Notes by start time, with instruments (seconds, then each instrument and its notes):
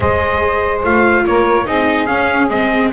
0.00 double bass G#3, viola G#4, saxophone C5, trumpet D#5
0.83 double bass A3, viola F4, trumpet F5
1.25 double bass A#3, saxophone A#4, trumpet C#5
1.65 double bass C4, viola D#4, saxophone G#4, trumpet D#5
2.06 viola C#4, double bass C#4, trumpet F5
2.49 double bass G#3, viola C4, trumpet D#5